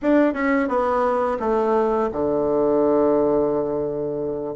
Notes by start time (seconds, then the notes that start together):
0.02 D4
0.33 C#4
0.68 B3
1.39 A3
2.12 D3